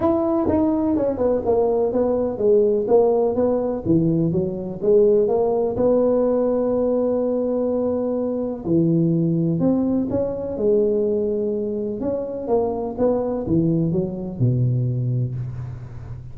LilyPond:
\new Staff \with { instrumentName = "tuba" } { \time 4/4 \tempo 4 = 125 e'4 dis'4 cis'8 b8 ais4 | b4 gis4 ais4 b4 | e4 fis4 gis4 ais4 | b1~ |
b2 e2 | c'4 cis'4 gis2~ | gis4 cis'4 ais4 b4 | e4 fis4 b,2 | }